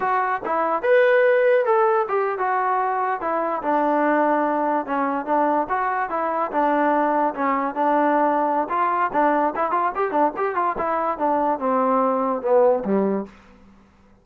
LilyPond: \new Staff \with { instrumentName = "trombone" } { \time 4/4 \tempo 4 = 145 fis'4 e'4 b'2 | a'4 g'8. fis'2 e'16~ | e'8. d'2. cis'16~ | cis'8. d'4 fis'4 e'4 d'16~ |
d'4.~ d'16 cis'4 d'4~ d'16~ | d'4 f'4 d'4 e'8 f'8 | g'8 d'8 g'8 f'8 e'4 d'4 | c'2 b4 g4 | }